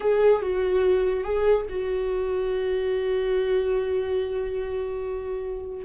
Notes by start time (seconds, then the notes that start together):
0.00 G#4
0.42 F#4
1.24 G#4
1.69 F#4